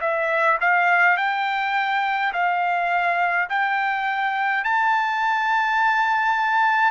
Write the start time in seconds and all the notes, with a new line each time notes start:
0.00 E5
0.60 F5
1.17 G5
2.32 F5
3.49 G5
4.64 A5